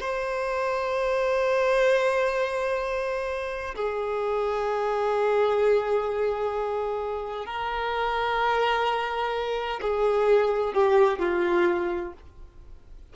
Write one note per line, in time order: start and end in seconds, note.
0.00 3.75 C5
3.75 7.46 G#4
7.46 9.80 A#4
9.81 10.74 G#4
10.74 11.19 G4
11.19 12.13 F4